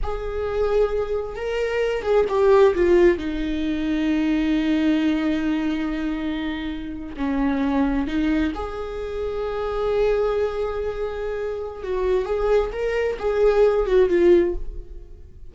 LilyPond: \new Staff \with { instrumentName = "viola" } { \time 4/4 \tempo 4 = 132 gis'2. ais'4~ | ais'8 gis'8 g'4 f'4 dis'4~ | dis'1~ | dis'2.~ dis'8. cis'16~ |
cis'4.~ cis'16 dis'4 gis'4~ gis'16~ | gis'1~ | gis'2 fis'4 gis'4 | ais'4 gis'4. fis'8 f'4 | }